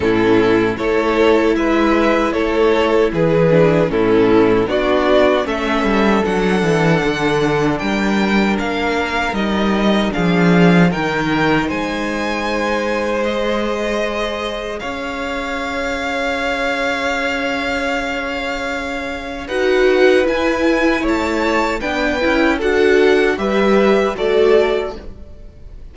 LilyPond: <<
  \new Staff \with { instrumentName = "violin" } { \time 4/4 \tempo 4 = 77 a'4 cis''4 e''4 cis''4 | b'4 a'4 d''4 e''4 | fis''2 g''4 f''4 | dis''4 f''4 g''4 gis''4~ |
gis''4 dis''2 f''4~ | f''1~ | f''4 fis''4 gis''4 a''4 | g''4 fis''4 e''4 d''4 | }
  \new Staff \with { instrumentName = "violin" } { \time 4/4 e'4 a'4 b'4 a'4 | gis'4 e'4 fis'4 a'4~ | a'2 ais'2~ | ais'4 gis'4 ais'4 c''4~ |
c''2. cis''4~ | cis''1~ | cis''4 b'2 cis''4 | b'4 a'4 b'4 a'4 | }
  \new Staff \with { instrumentName = "viola" } { \time 4/4 cis'4 e'2.~ | e'8 d'8 cis'4 d'4 cis'4 | d'1 | dis'4 d'4 dis'2~ |
dis'4 gis'2.~ | gis'1~ | gis'4 fis'4 e'2 | d'8 e'8 fis'4 g'4 fis'4 | }
  \new Staff \with { instrumentName = "cello" } { \time 4/4 a,4 a4 gis4 a4 | e4 a,4 b4 a8 g8 | fis8 e8 d4 g4 ais4 | g4 f4 dis4 gis4~ |
gis2. cis'4~ | cis'1~ | cis'4 dis'4 e'4 a4 | b8 cis'8 d'4 g4 a4 | }
>>